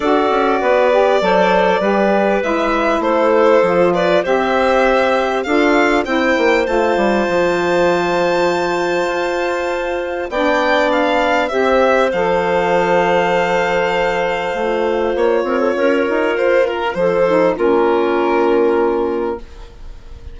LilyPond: <<
  \new Staff \with { instrumentName = "violin" } { \time 4/4 \tempo 4 = 99 d''1 | e''4 c''4. d''8 e''4~ | e''4 f''4 g''4 a''4~ | a''1~ |
a''4 g''4 f''4 e''4 | f''1~ | f''4 cis''2 c''8 ais'8 | c''4 ais'2. | }
  \new Staff \with { instrumentName = "clarinet" } { \time 4/4 a'4 b'4 c''4 b'4~ | b'4 a'4. b'8 c''4~ | c''4 a'4 c''2~ | c''1~ |
c''4 d''2 c''4~ | c''1~ | c''4. ais'16 a'16 ais'2 | a'4 f'2. | }
  \new Staff \with { instrumentName = "saxophone" } { \time 4/4 fis'4. g'8 a'4 g'4 | e'2 f'4 g'4~ | g'4 f'4 e'4 f'4~ | f'1~ |
f'4 d'2 g'4 | a'1 | f'1~ | f'8 dis'8 cis'2. | }
  \new Staff \with { instrumentName = "bassoon" } { \time 4/4 d'8 cis'8 b4 fis4 g4 | gis4 a4 f4 c'4~ | c'4 d'4 c'8 ais8 a8 g8 | f2. f'4~ |
f'4 b2 c'4 | f1 | a4 ais8 c'8 cis'8 dis'8 f'4 | f4 ais2. | }
>>